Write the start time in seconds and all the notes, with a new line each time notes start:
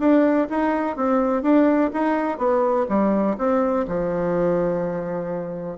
0.00 D4
0.50 D#4
0.96 C4
1.42 D4
1.93 D#4
2.38 B3
2.89 G3
3.38 C4
3.88 F3